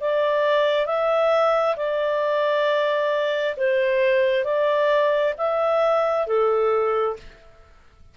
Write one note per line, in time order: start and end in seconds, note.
0.00 0.86 D5
0.86 1.75 E5
1.76 3.55 D5
3.57 4.44 C5
4.44 5.34 D5
5.38 6.27 E5
6.27 7.16 A4